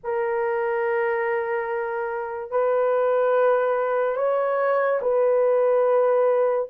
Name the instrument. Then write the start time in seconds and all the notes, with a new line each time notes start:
horn
0.03 A#4
2.50 B4
4.16 C#5
5.01 B4